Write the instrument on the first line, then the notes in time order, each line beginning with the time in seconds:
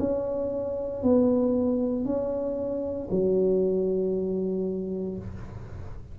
tuba
0.00 C#4
1.03 B3
2.05 C#4
3.11 F#3